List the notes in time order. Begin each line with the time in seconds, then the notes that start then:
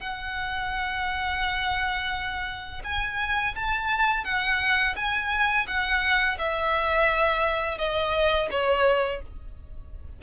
0.00 F#5
2.84 G#5
3.56 A5
4.25 F#5
4.96 G#5
5.67 F#5
6.39 E5
7.78 D#5
8.51 C#5